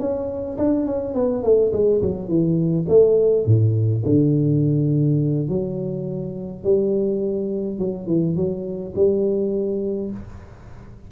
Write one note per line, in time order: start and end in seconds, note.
0.00 0.58 C#4
0.58 0.86 D4
0.86 1.14 C#4
1.14 1.43 B3
1.43 1.72 A3
1.73 2.02 G#3
2.02 2.28 F#3
2.28 2.86 E3
2.88 3.46 A3
3.46 4.03 A2
4.05 5.49 D3
5.49 6.64 F#3
6.64 7.79 G3
7.79 8.07 F#3
8.07 8.36 E3
8.36 8.94 F#3
8.95 10.11 G3